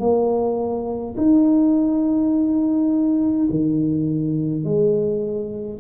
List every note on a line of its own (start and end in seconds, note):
0.00 1.15 A#3
1.17 3.48 D#4
3.51 4.65 D#3
4.65 5.80 G#3